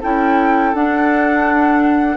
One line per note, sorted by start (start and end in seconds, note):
0.00 0.74 C#4
0.00 0.75 E4
0.00 2.17 A4
0.00 0.75 G5
0.74 2.17 D4
0.74 2.17 F#5